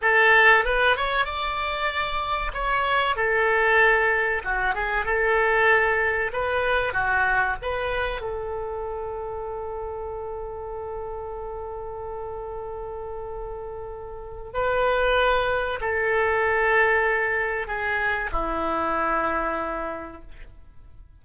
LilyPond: \new Staff \with { instrumentName = "oboe" } { \time 4/4 \tempo 4 = 95 a'4 b'8 cis''8 d''2 | cis''4 a'2 fis'8 gis'8 | a'2 b'4 fis'4 | b'4 a'2.~ |
a'1~ | a'2. b'4~ | b'4 a'2. | gis'4 e'2. | }